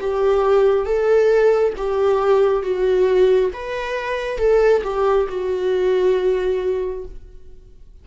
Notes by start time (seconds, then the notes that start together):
0.00 G4
0.85 A4
1.76 G4
2.62 F#4
3.53 B4
4.38 A4
4.83 G4
5.28 F#4